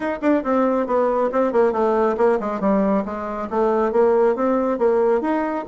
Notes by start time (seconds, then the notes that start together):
0.00 D#4
0.21 D4
0.43 C4
0.86 B3
1.32 C4
1.52 A#3
1.72 A3
2.17 A#3
2.40 G#3
2.60 G3
3.05 G#3
3.49 A3
3.92 A#3
4.35 C4
4.78 A#3
5.21 D#4